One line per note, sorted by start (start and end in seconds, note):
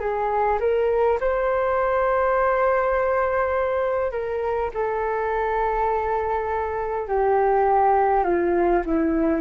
0.00 0.59 G#4
0.59 1.18 A#4
1.20 4.11 C5
4.11 4.70 A#4
4.74 7.07 A4
7.07 8.24 G4
8.24 8.82 F4
8.85 9.40 E4